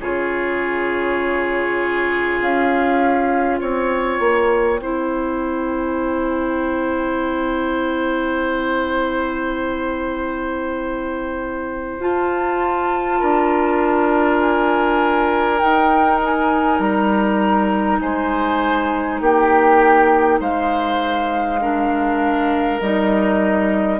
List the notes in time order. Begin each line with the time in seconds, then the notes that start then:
0.00 C#3 F4 G#4 C#5
2.41 C#4 F5
3.57 C4 C#5 G5
4.20 A#3
4.79 C4 E4 C5
11.99 F4 A5
13.19 D4 A#4
14.40 G#5
15.58 D#4 G5
16.24 G#5
16.79 G3 A#5
18.00 G#3 C5 G#5
19.21 A#3 G4 G5
20.40 G#3 C5 F5
21.61 D4 A#4
22.80 G3 D#4 D#5